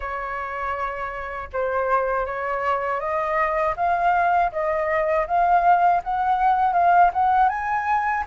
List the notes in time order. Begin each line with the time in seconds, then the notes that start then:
0.00 C#5
1.52 C5
2.25 C#5
3.00 D#5
3.76 F5
4.51 D#5
5.27 F5
6.03 F#5
6.73 F5
7.12 F#5
7.48 G#5